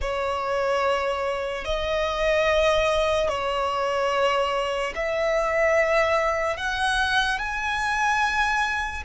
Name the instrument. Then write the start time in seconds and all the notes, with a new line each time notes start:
violin
0.01 C#5
1.64 D#5
3.29 C#5
4.95 E5
6.56 F#5
7.39 G#5